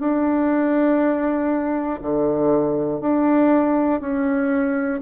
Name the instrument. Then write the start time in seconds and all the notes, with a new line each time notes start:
bassoon
0.00 D4
2.01 D3
3.01 D4
4.00 C#4